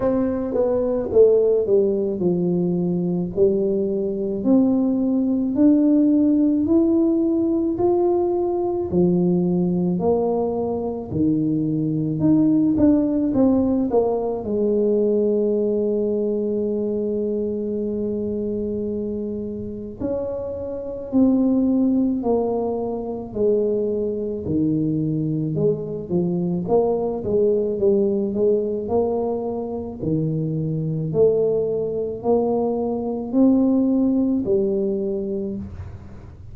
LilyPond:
\new Staff \with { instrumentName = "tuba" } { \time 4/4 \tempo 4 = 54 c'8 b8 a8 g8 f4 g4 | c'4 d'4 e'4 f'4 | f4 ais4 dis4 dis'8 d'8 | c'8 ais8 gis2.~ |
gis2 cis'4 c'4 | ais4 gis4 dis4 gis8 f8 | ais8 gis8 g8 gis8 ais4 dis4 | a4 ais4 c'4 g4 | }